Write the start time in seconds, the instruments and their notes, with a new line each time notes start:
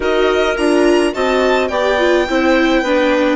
0.00 bassoon D#4, viola F#4, clarinet A#4, violin D#5
0.57 bassoon D4, viola F4, violin A#5
1.13 bassoon C4, viola F#4, clarinet D#5, violin A5
1.67 bassoon B3, viola G4, clarinet D5, violin G5
1.98 viola F4
2.29 bassoon C4, viola E4, clarinet C5
2.81 bassoon B3, viola D4, clarinet B4